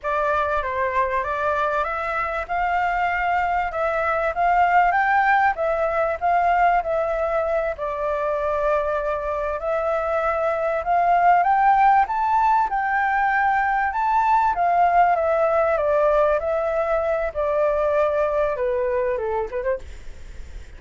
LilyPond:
\new Staff \with { instrumentName = "flute" } { \time 4/4 \tempo 4 = 97 d''4 c''4 d''4 e''4 | f''2 e''4 f''4 | g''4 e''4 f''4 e''4~ | e''8 d''2. e''8~ |
e''4. f''4 g''4 a''8~ | a''8 g''2 a''4 f''8~ | f''8 e''4 d''4 e''4. | d''2 b'4 a'8 b'16 c''16 | }